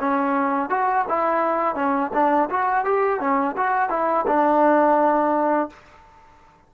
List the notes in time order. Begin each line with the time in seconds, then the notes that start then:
0.00 C#4
0.70 F#4
1.09 E4
1.76 C#4
2.14 D4
2.51 F#4
2.85 G4
3.20 C#4
3.57 F#4
3.90 E4
4.27 D4